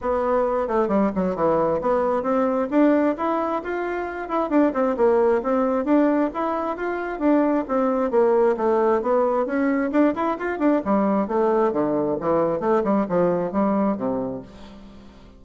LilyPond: \new Staff \with { instrumentName = "bassoon" } { \time 4/4 \tempo 4 = 133 b4. a8 g8 fis8 e4 | b4 c'4 d'4 e'4 | f'4. e'8 d'8 c'8 ais4 | c'4 d'4 e'4 f'4 |
d'4 c'4 ais4 a4 | b4 cis'4 d'8 e'8 f'8 d'8 | g4 a4 d4 e4 | a8 g8 f4 g4 c4 | }